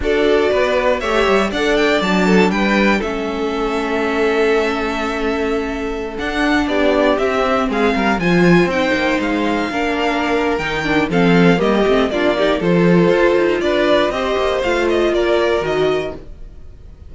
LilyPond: <<
  \new Staff \with { instrumentName = "violin" } { \time 4/4 \tempo 4 = 119 d''2 e''4 fis''8 g''8 | a''4 g''4 e''2~ | e''1~ | e''16 fis''4 d''4 e''4 f''8.~ |
f''16 gis''4 g''4 f''4.~ f''16~ | f''4 g''4 f''4 dis''4 | d''4 c''2 d''4 | dis''4 f''8 dis''8 d''4 dis''4 | }
  \new Staff \with { instrumentName = "violin" } { \time 4/4 a'4 b'4 cis''4 d''4~ | d''8 a'8 b'4 a'2~ | a'1~ | a'4~ a'16 g'2 gis'8 ais'16~ |
ais'16 c''2. ais'8.~ | ais'2 a'4 g'4 | f'8 g'8 a'2 b'4 | c''2 ais'2 | }
  \new Staff \with { instrumentName = "viola" } { \time 4/4 fis'2 g'4 a'4 | d'2 cis'2~ | cis'1~ | cis'16 d'2 c'4.~ c'16~ |
c'16 f'4 dis'2 d'8.~ | d'4 dis'8 d'8 c'4 ais8 c'8 | d'8 dis'8 f'2. | g'4 f'2 fis'4 | }
  \new Staff \with { instrumentName = "cello" } { \time 4/4 d'4 b4 a8 g8 d'4 | fis4 g4 a2~ | a1~ | a16 d'4 b4 c'4 gis8 g16~ |
g16 f4 c'8 ais8 gis4 ais8.~ | ais4 dis4 f4 g8 a8 | ais4 f4 f'8 dis'8 d'4 | c'8 ais8 a4 ais4 dis4 | }
>>